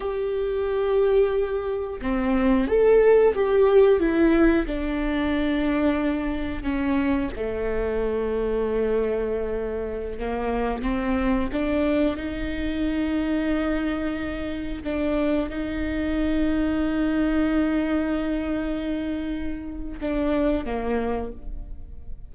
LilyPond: \new Staff \with { instrumentName = "viola" } { \time 4/4 \tempo 4 = 90 g'2. c'4 | a'4 g'4 e'4 d'4~ | d'2 cis'4 a4~ | a2.~ a16 ais8.~ |
ais16 c'4 d'4 dis'4.~ dis'16~ | dis'2~ dis'16 d'4 dis'8.~ | dis'1~ | dis'2 d'4 ais4 | }